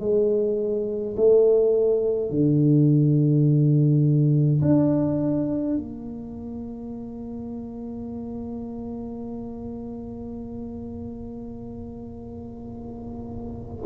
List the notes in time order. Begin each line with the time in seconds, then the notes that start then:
0.00 G#3
1.16 A3
2.30 D3
4.62 D4
5.77 A#3